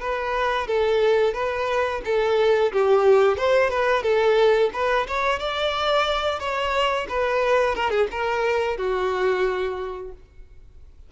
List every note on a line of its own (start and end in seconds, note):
0.00 0.67 B4
0.67 1.33 A4
1.33 2.01 B4
2.04 2.72 A4
2.72 3.37 G4
3.37 3.70 C5
3.70 4.03 B4
4.03 4.70 A4
4.73 5.07 B4
5.08 5.39 C#5
5.39 6.39 D5
6.39 7.07 C#5
7.09 7.75 B4
7.75 7.90 A#4
7.90 8.07 G#4
8.11 8.77 A#4
8.77 10.12 F#4